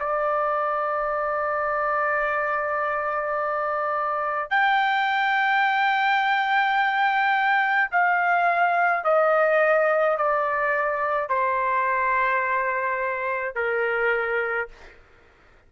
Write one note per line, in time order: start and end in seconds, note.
0.00 4.50 D5
4.50 7.90 G5
7.91 9.04 F5
9.04 10.17 D#5
10.17 11.29 D5
11.29 13.55 C5
13.55 14.68 A#4